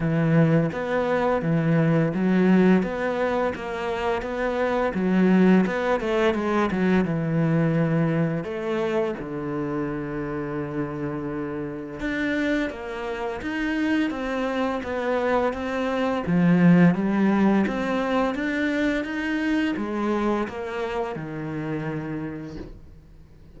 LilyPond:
\new Staff \with { instrumentName = "cello" } { \time 4/4 \tempo 4 = 85 e4 b4 e4 fis4 | b4 ais4 b4 fis4 | b8 a8 gis8 fis8 e2 | a4 d2.~ |
d4 d'4 ais4 dis'4 | c'4 b4 c'4 f4 | g4 c'4 d'4 dis'4 | gis4 ais4 dis2 | }